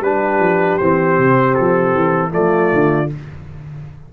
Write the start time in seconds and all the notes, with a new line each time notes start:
0.00 G3 D4 G4 B4
0.39 F3
0.78 E3 C4 C5
1.19 C3
1.55 F3 A4
1.94 E3
2.30 F3 A3 F4 D5
2.73 D3